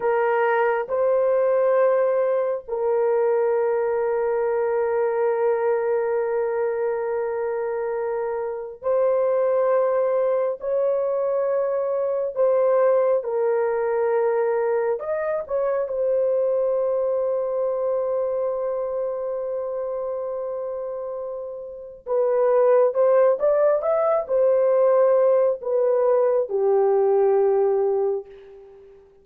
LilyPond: \new Staff \with { instrumentName = "horn" } { \time 4/4 \tempo 4 = 68 ais'4 c''2 ais'4~ | ais'1~ | ais'2 c''2 | cis''2 c''4 ais'4~ |
ais'4 dis''8 cis''8 c''2~ | c''1~ | c''4 b'4 c''8 d''8 e''8 c''8~ | c''4 b'4 g'2 | }